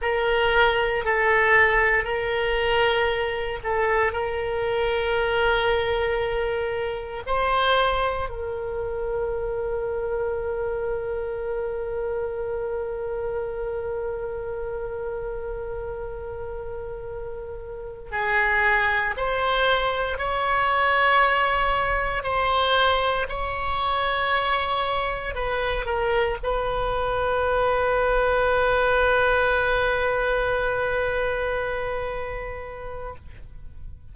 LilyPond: \new Staff \with { instrumentName = "oboe" } { \time 4/4 \tempo 4 = 58 ais'4 a'4 ais'4. a'8 | ais'2. c''4 | ais'1~ | ais'1~ |
ais'4. gis'4 c''4 cis''8~ | cis''4. c''4 cis''4.~ | cis''8 b'8 ais'8 b'2~ b'8~ | b'1 | }